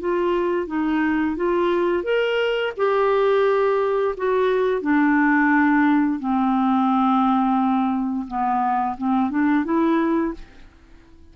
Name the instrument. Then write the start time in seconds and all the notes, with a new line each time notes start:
clarinet
0.00 F4
0.67 D#4
1.36 F4
2.04 A#4
2.77 G4
4.17 F#4
4.82 D4
6.19 C4
8.28 B3
8.98 C4
9.30 D4
9.65 E4